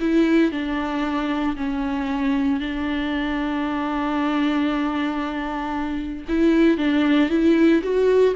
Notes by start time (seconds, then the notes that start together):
0.00 E4
0.51 D4
1.56 C#4
2.60 D4
6.28 E4
6.77 D4
7.29 E4
7.82 F#4